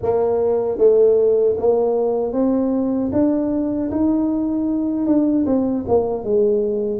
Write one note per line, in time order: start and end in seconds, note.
0.02 0.78 A#3
0.78 1.56 A3
1.57 2.32 A#3
2.32 3.10 C4
3.12 3.90 D4
3.91 5.06 D#4
5.06 5.45 D4
5.45 5.84 C4
5.88 6.23 A#3
6.23 7.00 G#3